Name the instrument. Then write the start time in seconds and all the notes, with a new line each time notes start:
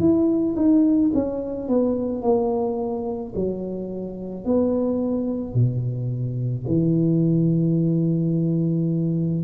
tuba
0.00 E4
0.57 D#4
1.15 C#4
1.68 B3
2.23 A#3
3.36 F#3
4.45 B3
5.54 B2
6.68 E3